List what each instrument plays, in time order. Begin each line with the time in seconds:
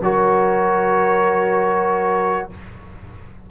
0.00 tuba F#3, trombone F#4, horn A#4, trumpet C#5